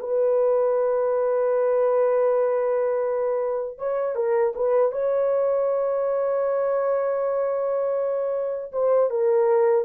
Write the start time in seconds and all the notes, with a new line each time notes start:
0.00 B4
3.78 C#5
4.16 A#4
4.56 B4
4.92 C#5
8.72 C5
9.10 A#4